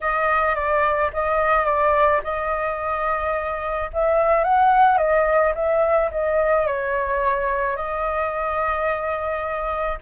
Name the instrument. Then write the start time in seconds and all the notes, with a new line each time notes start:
flute
0.01 D#5
0.55 D5
1.13 D#5
1.65 D5
2.23 D#5
3.93 E5
4.44 F#5
4.97 D#5
5.55 E5
6.11 D#5
6.67 C#5
7.76 D#5